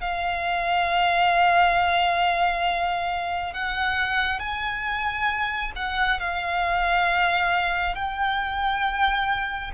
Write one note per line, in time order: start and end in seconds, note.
0.00 3.53 F5
3.53 4.39 F#5
4.39 5.72 G#5
5.75 6.19 F#5
6.19 7.95 F5
7.95 9.71 G5